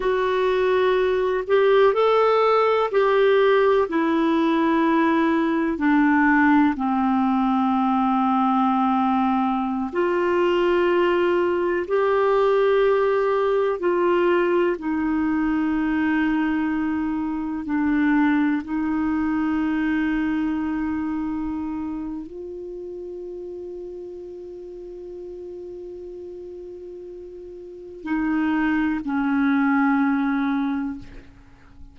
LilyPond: \new Staff \with { instrumentName = "clarinet" } { \time 4/4 \tempo 4 = 62 fis'4. g'8 a'4 g'4 | e'2 d'4 c'4~ | c'2~ c'16 f'4.~ f'16~ | f'16 g'2 f'4 dis'8.~ |
dis'2~ dis'16 d'4 dis'8.~ | dis'2. f'4~ | f'1~ | f'4 dis'4 cis'2 | }